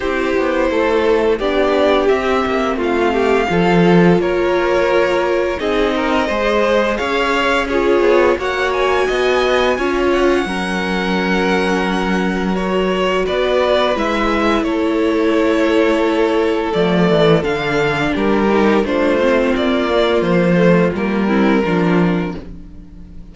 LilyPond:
<<
  \new Staff \with { instrumentName = "violin" } { \time 4/4 \tempo 4 = 86 c''2 d''4 e''4 | f''2 cis''2 | dis''2 f''4 cis''4 | fis''8 gis''2 fis''4.~ |
fis''2 cis''4 d''4 | e''4 cis''2. | d''4 f''4 ais'4 c''4 | d''4 c''4 ais'2 | }
  \new Staff \with { instrumentName = "violin" } { \time 4/4 g'4 a'4 g'2 | f'8 g'8 a'4 ais'2 | gis'8 ais'8 c''4 cis''4 gis'4 | cis''4 dis''4 cis''4 ais'4~ |
ais'2. b'4~ | b'4 a'2.~ | a'2 g'4 f'4~ | f'2~ f'8 e'8 f'4 | }
  \new Staff \with { instrumentName = "viola" } { \time 4/4 e'2 d'4 c'4~ | c'4 f'2. | dis'4 gis'2 f'4 | fis'2 f'4 cis'4~ |
cis'2 fis'2 | e'1 | a4 d'4. dis'8 d'8 c'8~ | c'8 ais4 a8 ais8 c'8 d'4 | }
  \new Staff \with { instrumentName = "cello" } { \time 4/4 c'8 b8 a4 b4 c'8 ais8 | a4 f4 ais2 | c'4 gis4 cis'4. b8 | ais4 b4 cis'4 fis4~ |
fis2. b4 | gis4 a2. | f8 e8 d4 g4 a4 | ais4 f4 g4 f4 | }
>>